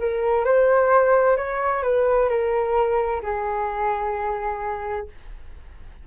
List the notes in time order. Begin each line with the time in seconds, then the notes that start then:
0.00 A#4
0.45 C5
1.37 C#5
1.83 B4
2.30 A#4
3.23 G#4